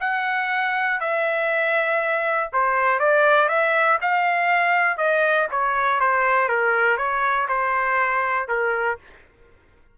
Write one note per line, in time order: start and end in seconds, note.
0.00 1.00 F#5
1.00 2.50 E5
2.52 2.99 C5
2.99 3.49 D5
3.49 3.99 E5
4.01 4.97 F5
4.97 5.47 D#5
5.51 6.00 C#5
6.00 6.49 C5
6.49 6.97 A#4
6.97 7.47 C#5
7.48 8.48 C5
8.48 8.98 A#4